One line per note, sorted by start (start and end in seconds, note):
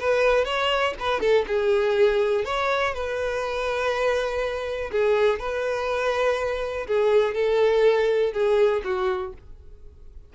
0.00 0.45 B4
0.45 0.94 C#5
1.00 1.21 B4
1.21 1.45 A4
1.47 2.45 G#4
2.45 2.94 C#5
2.94 4.91 B4
4.92 5.39 G#4
5.39 6.87 B4
6.87 7.35 G#4
7.35 8.33 A4
8.33 8.82 G#4
8.84 9.33 F#4